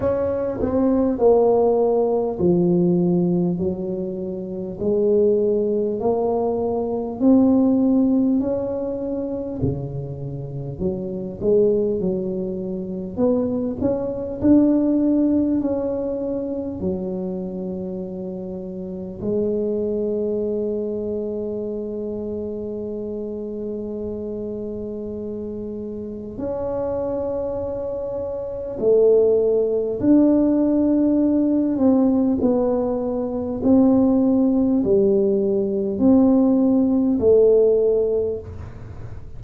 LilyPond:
\new Staff \with { instrumentName = "tuba" } { \time 4/4 \tempo 4 = 50 cis'8 c'8 ais4 f4 fis4 | gis4 ais4 c'4 cis'4 | cis4 fis8 gis8 fis4 b8 cis'8 | d'4 cis'4 fis2 |
gis1~ | gis2 cis'2 | a4 d'4. c'8 b4 | c'4 g4 c'4 a4 | }